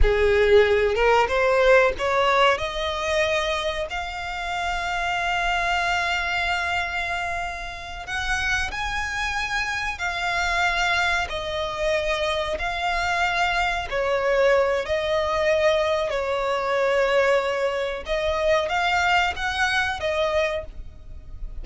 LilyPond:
\new Staff \with { instrumentName = "violin" } { \time 4/4 \tempo 4 = 93 gis'4. ais'8 c''4 cis''4 | dis''2 f''2~ | f''1~ | f''8 fis''4 gis''2 f''8~ |
f''4. dis''2 f''8~ | f''4. cis''4. dis''4~ | dis''4 cis''2. | dis''4 f''4 fis''4 dis''4 | }